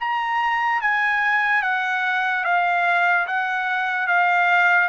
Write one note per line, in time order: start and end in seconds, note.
0.00 0.81 A#5
0.81 1.62 G#5
1.62 2.44 F#5
2.44 3.27 F5
3.27 4.07 F#5
4.07 4.88 F5